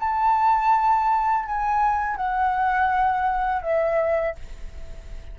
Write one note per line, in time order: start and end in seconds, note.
0.00 1.46 A5
1.46 2.17 G#5
2.17 3.63 F#5
3.63 4.36 E5